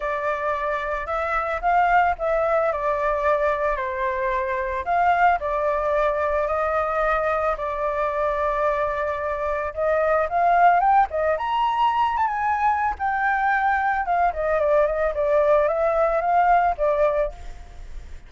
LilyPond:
\new Staff \with { instrumentName = "flute" } { \time 4/4 \tempo 4 = 111 d''2 e''4 f''4 | e''4 d''2 c''4~ | c''4 f''4 d''2 | dis''2 d''2~ |
d''2 dis''4 f''4 | g''8 dis''8 ais''4. a''16 gis''4~ gis''16 | g''2 f''8 dis''8 d''8 dis''8 | d''4 e''4 f''4 d''4 | }